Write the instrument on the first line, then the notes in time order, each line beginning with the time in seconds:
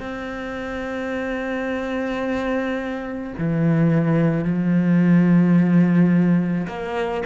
cello
0.00 C4
3.38 E3
4.44 F3
6.67 A#3